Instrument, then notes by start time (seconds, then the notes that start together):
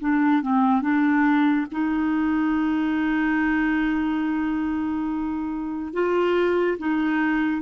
clarinet
0.00 D4
0.42 C4
0.81 D4
1.71 D#4
5.93 F4
6.78 D#4